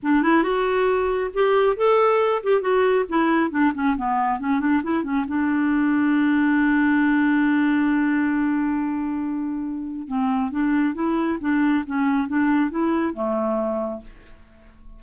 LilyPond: \new Staff \with { instrumentName = "clarinet" } { \time 4/4 \tempo 4 = 137 d'8 e'8 fis'2 g'4 | a'4. g'8 fis'4 e'4 | d'8 cis'8 b4 cis'8 d'8 e'8 cis'8 | d'1~ |
d'1~ | d'2. c'4 | d'4 e'4 d'4 cis'4 | d'4 e'4 a2 | }